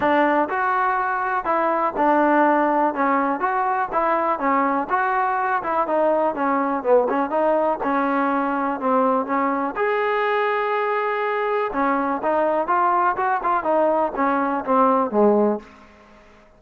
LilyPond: \new Staff \with { instrumentName = "trombone" } { \time 4/4 \tempo 4 = 123 d'4 fis'2 e'4 | d'2 cis'4 fis'4 | e'4 cis'4 fis'4. e'8 | dis'4 cis'4 b8 cis'8 dis'4 |
cis'2 c'4 cis'4 | gis'1 | cis'4 dis'4 f'4 fis'8 f'8 | dis'4 cis'4 c'4 gis4 | }